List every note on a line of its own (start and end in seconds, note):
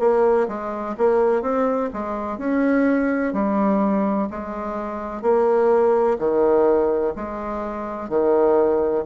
0.00 0.48 A#3
0.48 0.96 G#3
0.98 1.42 A#3
1.42 1.90 C4
1.94 2.39 G#3
2.39 3.33 C#4
3.33 4.29 G3
4.31 5.22 G#3
5.22 6.17 A#3
6.19 7.14 D#3
7.16 8.10 G#3
8.10 9.05 D#3